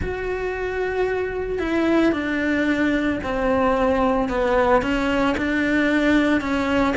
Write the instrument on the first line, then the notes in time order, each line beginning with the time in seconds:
cello
0.01 F#4
1.58 E4
2.12 D4
3.23 C4
4.29 B3
4.82 C#4
5.37 D4
6.40 C#4